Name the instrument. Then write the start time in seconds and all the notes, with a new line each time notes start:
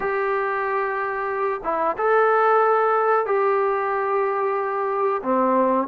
trombone
0.00 G4
1.63 E4
1.97 A4
3.25 G4
5.22 C4